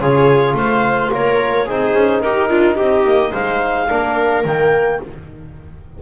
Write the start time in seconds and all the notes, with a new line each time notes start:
0.00 C#3 F4 G#4 C#5
0.54 A3 C5 F5
1.11 A#3 A#4 C#5
1.65 C4 D#4 G#4 C5
1.94 C#4
2.21 D#4 G4 A#4
2.49 D4 F4
2.75 C4 G4 D#5
3.04 A#3
3.31 G#3 C5 F5
3.88 A#3 D4 A#4
4.44 D#3 A#3 G5